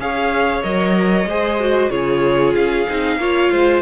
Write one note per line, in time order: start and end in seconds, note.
0.00 0.64 C#4
0.00 0.63 G#4
0.00 1.29 C#5
0.00 0.63 F5
0.63 1.26 F#3
0.63 1.27 A#4
0.63 1.90 D#5
1.26 1.89 G#3
1.26 1.60 G#4
1.26 1.91 C5
1.60 1.91 F#4
1.90 2.55 C#3
1.90 2.86 F4
1.90 3.18 G#4
1.90 2.54 C#5
2.56 2.87 C#4
2.56 3.82 F5
2.88 3.17 C4
2.88 3.20 D#4
3.17 3.49 A#3
3.17 3.82 F4
3.17 3.52 C#5
3.52 3.82 G#3
3.52 3.82 C5